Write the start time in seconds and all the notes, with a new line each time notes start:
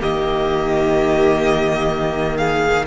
0.00 D#3 A#3 G4 D#5
2.37 G#4 F5